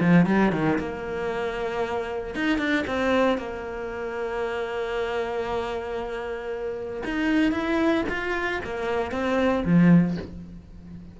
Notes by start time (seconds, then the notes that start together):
0.00 F3
0.26 G3
0.52 D#3
0.78 A#3
2.35 D#4
2.58 D4
2.87 C4
3.37 A#3
7.04 D#4
7.52 E4
8.08 F4
8.64 A#3
9.11 C4
9.65 F3